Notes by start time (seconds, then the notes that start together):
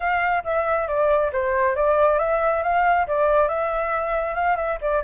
0.00 F5
0.44 E5
0.87 D5
1.32 C5
1.75 D5
2.19 E5
2.63 F5
3.07 D5
3.48 E5
4.34 F5
4.56 E5
4.81 D5